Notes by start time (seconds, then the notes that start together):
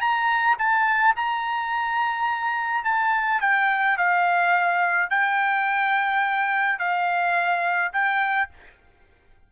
0.00 A#5
0.58 A5
1.16 A#5
2.84 A5
3.41 G5
3.97 F5
5.10 G5
6.78 F5
7.92 G5